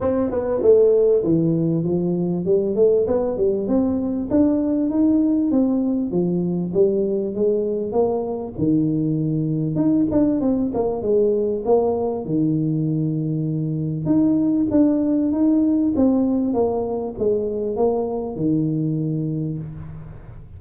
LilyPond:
\new Staff \with { instrumentName = "tuba" } { \time 4/4 \tempo 4 = 98 c'8 b8 a4 e4 f4 | g8 a8 b8 g8 c'4 d'4 | dis'4 c'4 f4 g4 | gis4 ais4 dis2 |
dis'8 d'8 c'8 ais8 gis4 ais4 | dis2. dis'4 | d'4 dis'4 c'4 ais4 | gis4 ais4 dis2 | }